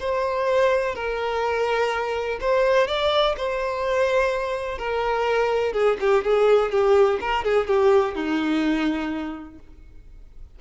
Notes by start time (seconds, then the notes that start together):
0.00 C5
0.95 A#4
2.41 C5
2.88 D5
3.37 C5
4.78 A#4
5.73 G#4
6.00 G4
6.24 G#4
6.72 G4
7.21 A#4
7.44 G#4
7.67 G4
8.15 D#4